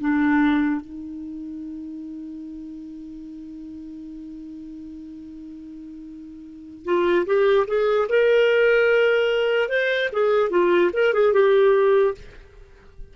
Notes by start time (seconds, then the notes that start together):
0.00 D4
0.81 D#4
6.85 F4
7.26 G4
7.67 G#4
8.09 A#4
9.69 C5
10.12 G#4
10.50 F4
10.93 A#4
11.14 G#4
11.33 G4